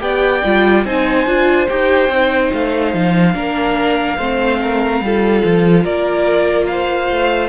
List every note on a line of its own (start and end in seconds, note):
0.00 0.42 B3
0.00 0.42 G4
0.00 0.86 D5
0.00 0.84 G5
0.45 0.85 G3
0.45 0.86 F4
0.85 1.26 C4
0.85 1.27 D#4
0.85 3.35 C5
0.85 1.68 G#5
1.26 1.68 D4
1.26 1.69 F4
1.69 2.09 D#4
1.69 2.11 G4
1.69 2.53 G5
2.09 2.51 C4
2.09 3.34 D#4
2.53 2.94 A3
2.53 5.85 F5
2.94 3.35 F3
3.34 4.18 A#3
3.34 4.17 D4
3.34 4.18 A#4
4.18 5.01 A3
4.18 5.04 C4
4.18 4.59 C5
4.62 5.04 A#4
5.01 5.42 G3
5.01 7.49 F4
5.01 5.84 A4
5.45 5.85 F3
5.84 7.10 A#3
5.84 6.67 A#4
5.84 6.67 D5
6.67 7.49 C5
6.67 7.49 F5
7.11 7.49 A3